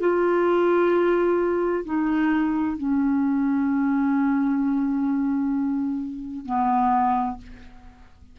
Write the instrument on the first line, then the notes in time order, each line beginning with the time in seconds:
clarinet
0.00 F4
1.85 D#4
2.77 C#4
6.46 B3